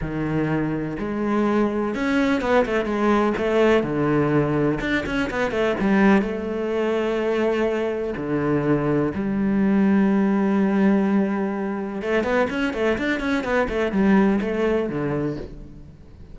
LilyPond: \new Staff \with { instrumentName = "cello" } { \time 4/4 \tempo 4 = 125 dis2 gis2 | cis'4 b8 a8 gis4 a4 | d2 d'8 cis'8 b8 a8 | g4 a2.~ |
a4 d2 g4~ | g1~ | g4 a8 b8 cis'8 a8 d'8 cis'8 | b8 a8 g4 a4 d4 | }